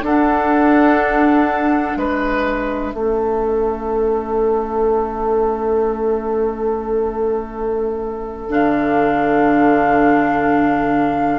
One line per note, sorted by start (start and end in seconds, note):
0.00 1.94 D4
0.00 1.97 A4
0.00 1.96 F#5
0.06 2.94 D4
1.96 2.93 G#3
1.96 2.94 B4
1.96 8.49 E5
2.93 8.48 A3
2.93 8.49 C#4
2.93 11.38 A4
8.48 11.38 D3
8.48 11.38 D4
8.48 11.38 F5